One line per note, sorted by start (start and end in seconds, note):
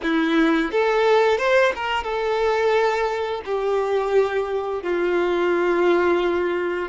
0.02 0.71 E4
0.71 1.38 A4
1.38 1.72 C5
1.75 2.03 A#4
2.03 3.41 A4
3.45 4.82 G4
4.82 6.88 F4